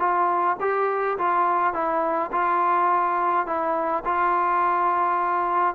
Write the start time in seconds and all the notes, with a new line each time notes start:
0.00 F4
0.61 G4
1.18 F4
1.74 E4
2.32 F4
3.46 E4
4.05 F4